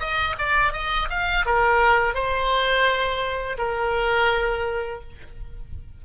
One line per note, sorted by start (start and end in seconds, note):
0.00 0.36 D#5
0.38 0.73 D5
0.73 1.08 D#5
1.09 1.45 F5
1.45 2.14 A#4
2.14 3.57 C5
3.58 5.01 A#4